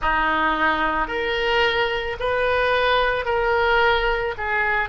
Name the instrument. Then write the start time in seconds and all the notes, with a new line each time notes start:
oboe
0.01 D#4
1.07 A#4
2.19 B4
3.25 A#4
4.37 G#4